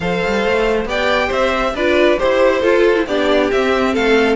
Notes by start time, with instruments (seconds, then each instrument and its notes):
0.00 cello F3, viola A4, violin C5 F5
0.26 cello G3
0.45 cello A3
0.85 cello B3, viola G4, violin D5 G5
1.27 cello C4, violin C5 E5
1.74 cello D4, viola F4, violin B4 D5
2.18 cello E4, viola G4, violin C5
2.60 viola F4, cello F4, violin A4
2.95 viola E4
3.06 cello B3, viola D4, violin G4 D5
3.51 cello C4, viola C4, violin E5
3.93 cello A3, violin A4 F5